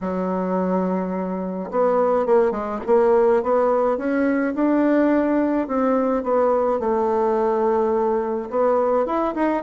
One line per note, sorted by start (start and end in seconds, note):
0.00 1.70 F#3
1.70 2.26 B3
2.26 2.51 A#3
2.51 2.79 G#3
2.86 3.42 A#3
3.42 3.97 B3
3.97 4.54 C#4
4.55 5.67 D4
5.67 6.23 C4
6.23 6.79 B3
6.79 8.49 A3
8.50 9.06 B3
9.06 9.34 E4
9.34 9.63 D#4